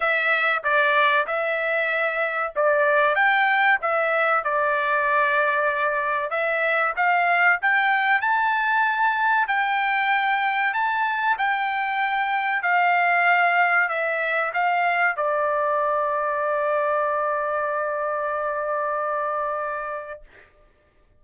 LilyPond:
\new Staff \with { instrumentName = "trumpet" } { \time 4/4 \tempo 4 = 95 e''4 d''4 e''2 | d''4 g''4 e''4 d''4~ | d''2 e''4 f''4 | g''4 a''2 g''4~ |
g''4 a''4 g''2 | f''2 e''4 f''4 | d''1~ | d''1 | }